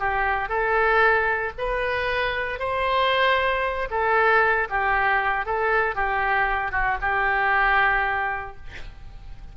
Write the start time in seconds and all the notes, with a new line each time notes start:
0.00 G4
0.49 A4
1.58 B4
2.60 C5
3.91 A4
4.70 G4
5.46 A4
5.96 G4
6.72 F#4
7.01 G4